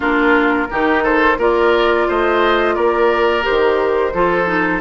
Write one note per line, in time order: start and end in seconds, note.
0.00 0.67 A#3
0.00 0.69 D4
0.00 0.67 F4
0.00 1.04 A#4
0.70 1.37 D#3
0.70 1.39 D#4
0.70 1.03 G4
1.03 1.37 A4
1.03 1.39 C5
1.37 2.06 A#3
1.37 3.43 F4
1.37 2.07 A#4
1.37 2.09 D5
2.08 2.76 A3
2.08 2.75 C5
2.08 2.74 D#5
2.74 3.45 A#3
2.74 4.13 A#4
2.74 3.43 D5
3.43 4.11 G4
3.43 4.81 C5
3.49 4.13 D#3
4.13 4.81 F3
4.13 4.46 F4
4.13 4.81 A4
4.46 4.80 D#4